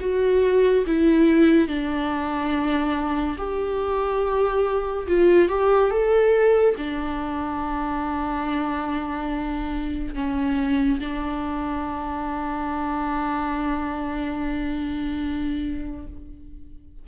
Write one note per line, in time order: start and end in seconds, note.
0.00 0.85 F#4
0.86 1.67 E4
1.67 3.36 D4
3.38 5.07 G4
5.07 5.49 F4
5.49 5.90 G4
5.90 6.75 A4
6.77 10.14 D4
10.14 10.99 C#4
10.99 16.06 D4